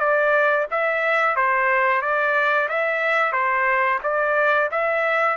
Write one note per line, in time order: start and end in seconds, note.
0.00 0.67 D5
0.71 1.36 E5
1.36 2.02 C5
2.02 2.69 D5
2.69 3.33 E5
3.33 3.99 C5
4.04 4.70 D5
4.72 5.37 E5